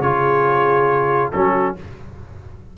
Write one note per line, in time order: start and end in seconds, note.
0.00 1.29 C#3
0.00 1.33 F4
0.00 1.31 G#4
0.00 1.31 C#5
1.32 1.78 F#3
1.32 1.76 C#4
1.32 1.76 F#4
1.32 1.75 A4